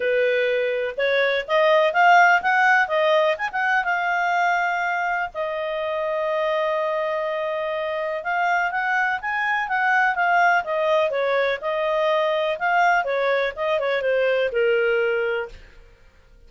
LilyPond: \new Staff \with { instrumentName = "clarinet" } { \time 4/4 \tempo 4 = 124 b'2 cis''4 dis''4 | f''4 fis''4 dis''4 gis''16 fis''8. | f''2. dis''4~ | dis''1~ |
dis''4 f''4 fis''4 gis''4 | fis''4 f''4 dis''4 cis''4 | dis''2 f''4 cis''4 | dis''8 cis''8 c''4 ais'2 | }